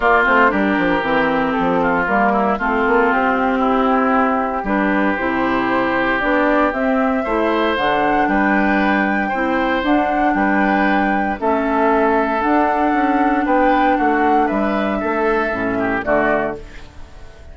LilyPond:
<<
  \new Staff \with { instrumentName = "flute" } { \time 4/4 \tempo 4 = 116 d''8 c''8 ais'2 a'4 | ais'4 a'4 g'2~ | g'4 b'4 c''2 | d''4 e''2 fis''4 |
g''2. fis''4 | g''2 e''2 | fis''2 g''4 fis''4 | e''2. d''4 | }
  \new Staff \with { instrumentName = "oboe" } { \time 4/4 f'4 g'2~ g'8 f'8~ | f'8 e'8 f'2 e'4~ | e'4 g'2.~ | g'2 c''2 |
b'2 c''2 | b'2 a'2~ | a'2 b'4 fis'4 | b'4 a'4. g'8 fis'4 | }
  \new Staff \with { instrumentName = "clarinet" } { \time 4/4 ais8 c'8 d'4 c'2 | ais4 c'2.~ | c'4 d'4 e'2 | d'4 c'4 e'4 d'4~ |
d'2 e'4 d'4~ | d'2 cis'2 | d'1~ | d'2 cis'4 a4 | }
  \new Staff \with { instrumentName = "bassoon" } { \time 4/4 ais8 a8 g8 f8 e4 f4 | g4 a8 ais8 c'2~ | c'4 g4 c2 | b4 c'4 a4 d4 |
g2 c'4 d'4 | g2 a2 | d'4 cis'4 b4 a4 | g4 a4 a,4 d4 | }
>>